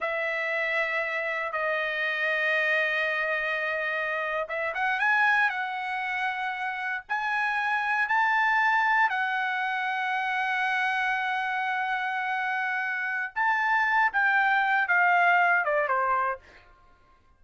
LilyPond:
\new Staff \with { instrumentName = "trumpet" } { \time 4/4 \tempo 4 = 117 e''2. dis''4~ | dis''1~ | dis''8. e''8 fis''8 gis''4 fis''4~ fis''16~ | fis''4.~ fis''16 gis''2 a''16~ |
a''4.~ a''16 fis''2~ fis''16~ | fis''1~ | fis''2 a''4. g''8~ | g''4 f''4. d''8 c''4 | }